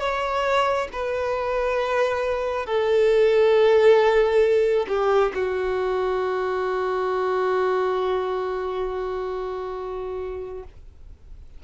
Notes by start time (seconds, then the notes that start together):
0.00 C#5
0.93 B4
2.66 A4
4.89 G4
5.35 F#4